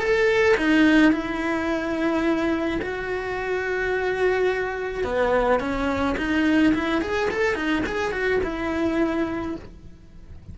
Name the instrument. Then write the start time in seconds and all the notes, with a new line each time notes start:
cello
0.00 A4
0.58 D#4
1.13 E4
2.82 F#4
5.04 B3
5.60 C#4
6.18 D#4
6.75 E4
7.02 G#4
7.31 A4
7.55 D#4
7.87 G#4
8.13 F#4
8.44 E4